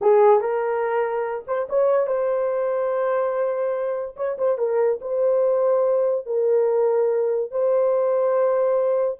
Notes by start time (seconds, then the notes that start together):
0.01 G#4
0.40 A#4
1.47 C5
1.69 C#5
2.06 C5
4.16 C#5
4.37 C5
4.58 A#4
5.01 C5
6.26 A#4
7.51 C5